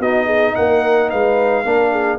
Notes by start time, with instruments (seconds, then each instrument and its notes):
0.00 tuba B3, trombone D#4, horn F#4, trumpet D#5
0.26 horn G#4
0.56 tuba A#3, horn A#4, trumpet F#5
1.11 tuba G#3, horn B4, trumpet F5
1.65 tuba A#3, trombone D4, horn A#4
1.92 horn G#4